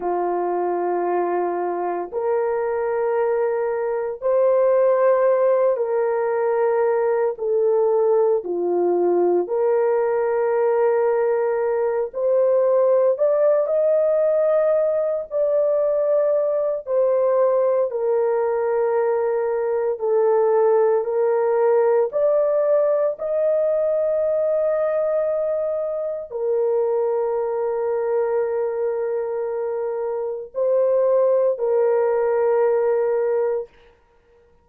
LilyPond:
\new Staff \with { instrumentName = "horn" } { \time 4/4 \tempo 4 = 57 f'2 ais'2 | c''4. ais'4. a'4 | f'4 ais'2~ ais'8 c''8~ | c''8 d''8 dis''4. d''4. |
c''4 ais'2 a'4 | ais'4 d''4 dis''2~ | dis''4 ais'2.~ | ais'4 c''4 ais'2 | }